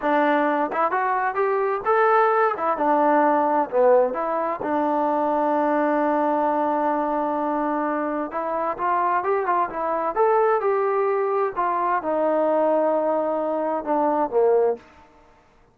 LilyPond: \new Staff \with { instrumentName = "trombone" } { \time 4/4 \tempo 4 = 130 d'4. e'8 fis'4 g'4 | a'4. e'8 d'2 | b4 e'4 d'2~ | d'1~ |
d'2 e'4 f'4 | g'8 f'8 e'4 a'4 g'4~ | g'4 f'4 dis'2~ | dis'2 d'4 ais4 | }